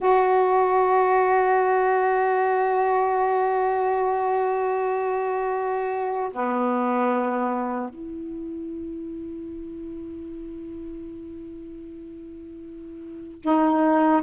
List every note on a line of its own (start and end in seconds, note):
0.00 6.32 F#4
6.32 7.89 B3
7.89 13.41 E4
13.42 14.21 D#4